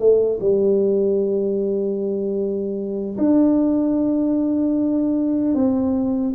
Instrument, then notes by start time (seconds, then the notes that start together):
tuba
0.00 A3
0.41 G3
3.18 D4
5.55 C4